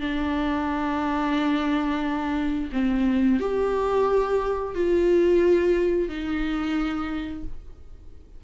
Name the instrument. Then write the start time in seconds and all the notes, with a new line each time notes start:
viola
0.00 D4
2.72 C4
3.40 G4
4.74 F4
6.08 D#4